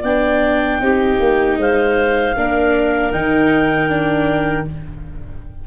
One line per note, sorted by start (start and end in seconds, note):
0.00 0.80 B3
0.00 0.81 D4
0.00 0.77 D5
0.00 1.58 G5
0.81 1.19 C4
0.81 2.35 D#4
0.81 1.58 G4
1.20 1.57 A#3
1.57 2.34 G#3
1.57 2.35 C5
1.57 3.12 F5
2.37 3.12 A#3
2.37 3.13 D4
2.37 4.67 A#4
3.12 4.66 D#3
3.12 3.89 D#4
3.12 4.66 G5
3.89 4.66 D4